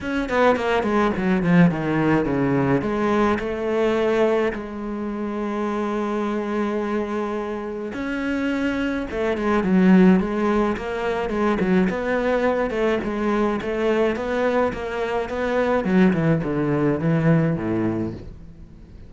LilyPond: \new Staff \with { instrumentName = "cello" } { \time 4/4 \tempo 4 = 106 cis'8 b8 ais8 gis8 fis8 f8 dis4 | cis4 gis4 a2 | gis1~ | gis2 cis'2 |
a8 gis8 fis4 gis4 ais4 | gis8 fis8 b4. a8 gis4 | a4 b4 ais4 b4 | fis8 e8 d4 e4 a,4 | }